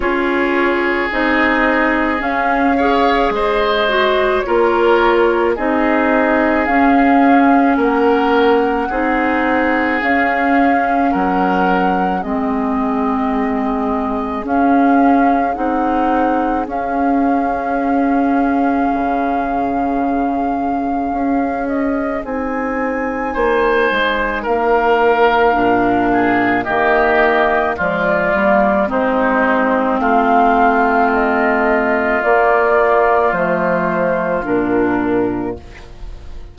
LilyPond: <<
  \new Staff \with { instrumentName = "flute" } { \time 4/4 \tempo 4 = 54 cis''4 dis''4 f''4 dis''4 | cis''4 dis''4 f''4 fis''4~ | fis''4 f''4 fis''4 dis''4~ | dis''4 f''4 fis''4 f''4~ |
f''2.~ f''8 dis''8 | gis''2 f''2 | dis''4 d''4 c''4 f''4 | dis''4 d''4 c''4 ais'4 | }
  \new Staff \with { instrumentName = "oboe" } { \time 4/4 gis'2~ gis'8 cis''8 c''4 | ais'4 gis'2 ais'4 | gis'2 ais'4 gis'4~ | gis'1~ |
gis'1~ | gis'4 c''4 ais'4. gis'8 | g'4 f'4 dis'4 f'4~ | f'1 | }
  \new Staff \with { instrumentName = "clarinet" } { \time 4/4 f'4 dis'4 cis'8 gis'4 fis'8 | f'4 dis'4 cis'2 | dis'4 cis'2 c'4~ | c'4 cis'4 dis'4 cis'4~ |
cis'1 | dis'2. d'4 | ais4 gis8 ais8 c'2~ | c'4 ais4 a4 d'4 | }
  \new Staff \with { instrumentName = "bassoon" } { \time 4/4 cis'4 c'4 cis'4 gis4 | ais4 c'4 cis'4 ais4 | c'4 cis'4 fis4 gis4~ | gis4 cis'4 c'4 cis'4~ |
cis'4 cis2 cis'4 | c'4 ais8 gis8 ais4 ais,4 | dis4 f8 g8 gis4 a4~ | a4 ais4 f4 ais,4 | }
>>